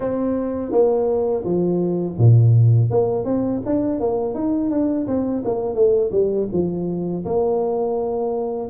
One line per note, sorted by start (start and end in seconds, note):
0.00 0.71 C4
0.71 1.43 A#3
1.44 2.17 F3
2.18 2.90 A#2
2.90 3.25 A#3
3.25 3.61 C4
3.65 4.00 D4
4.00 4.34 A#3
4.34 4.70 D#4
4.70 5.06 D4
5.07 5.43 C4
5.44 5.74 A#3
5.74 6.11 A3
6.11 6.47 G3
6.52 7.25 F3
7.25 8.69 A#3